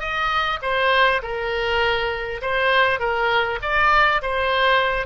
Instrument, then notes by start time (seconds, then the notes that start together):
oboe
0.00 D#5
0.62 C5
1.23 A#4
2.42 C5
3.00 A#4
3.62 D5
4.22 C5